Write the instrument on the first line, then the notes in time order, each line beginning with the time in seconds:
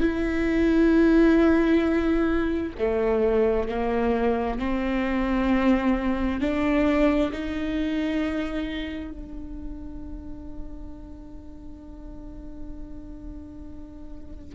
viola
0.00 E4
2.78 A3
3.69 A#3
4.59 C4
6.40 D4
7.32 D#4
9.11 D4